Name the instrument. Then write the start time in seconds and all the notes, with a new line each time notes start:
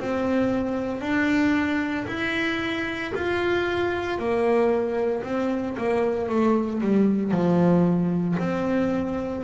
double bass
0.00 C4
1.01 D4
2.08 E4
3.15 F4
4.19 A#3
5.24 C4
5.78 A#3
6.29 A3
6.82 G3
7.32 F3
8.40 C4